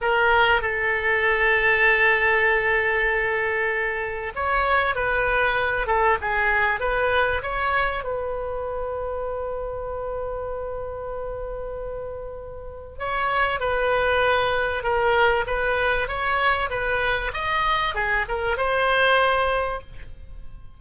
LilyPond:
\new Staff \with { instrumentName = "oboe" } { \time 4/4 \tempo 4 = 97 ais'4 a'2.~ | a'2. cis''4 | b'4. a'8 gis'4 b'4 | cis''4 b'2.~ |
b'1~ | b'4 cis''4 b'2 | ais'4 b'4 cis''4 b'4 | dis''4 gis'8 ais'8 c''2 | }